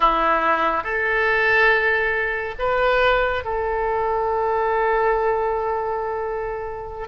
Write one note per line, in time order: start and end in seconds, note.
0.00 0.83 E4
0.83 2.54 A4
2.59 3.44 B4
3.44 7.08 A4